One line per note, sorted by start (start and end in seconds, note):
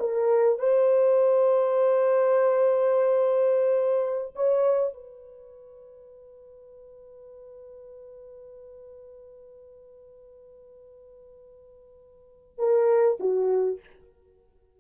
0.00 0.59 A#4
0.59 4.34 C5
4.36 4.94 C#5
4.94 12.58 B4
12.58 13.18 A#4
13.20 13.80 F#4